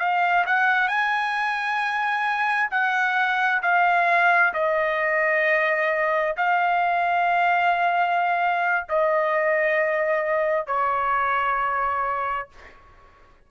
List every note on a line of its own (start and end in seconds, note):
0.00 0.45 F5
0.47 0.88 F#5
0.88 2.70 G#5
2.71 3.62 F#5
3.63 4.54 F5
4.54 6.36 D#5
6.37 8.87 F5
8.89 10.67 D#5
10.67 12.49 C#5